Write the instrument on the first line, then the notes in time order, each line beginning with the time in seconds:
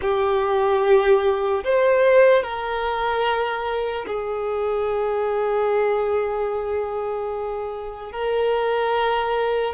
violin
0.01 G4
1.64 C5
2.43 A#4
4.07 G#4
8.12 A#4